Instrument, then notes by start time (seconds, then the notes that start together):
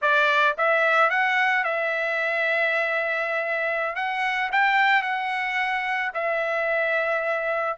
trumpet
0.01 D5
0.57 E5
1.09 F#5
1.64 E5
3.95 F#5
4.51 G5
5.02 F#5
6.14 E5